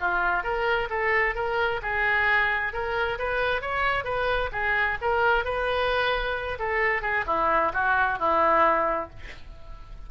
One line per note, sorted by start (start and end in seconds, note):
0.00 0.43 F4
0.43 0.88 A#4
0.90 1.35 A4
1.35 1.80 A#4
1.82 2.73 G#4
2.73 3.18 A#4
3.18 3.61 B4
3.61 4.04 C#5
4.04 4.50 B4
4.52 4.97 G#4
5.01 5.44 A#4
5.44 6.58 B4
6.59 7.01 A4
7.01 7.24 G#4
7.26 7.72 E4
7.73 8.19 F#4
8.19 9.10 E4